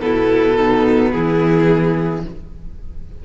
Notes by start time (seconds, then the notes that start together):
0.00 B2 B3 E4 A4
0.57 D#4
1.12 E3 E4 G#4